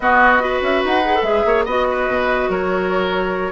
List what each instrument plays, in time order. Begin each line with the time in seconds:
0.00 bassoon B3, clarinet B3, oboe F#4, flute D#5
0.39 clarinet F#4, oboe B4
0.61 bassoon C#4, flute E5
0.84 bassoon D#4, flute F#5
1.04 clarinet G#4
1.15 clarinet A4
1.22 bassoon G#3, clarinet G#4, flute E5
1.45 bassoon A#3, oboe C#5
1.65 bassoon B3, clarinet F#4, oboe D#5, flute D#5
1.90 oboe B4
2.08 bassoon B2
2.49 bassoon F#3, oboe A#4, flute C#5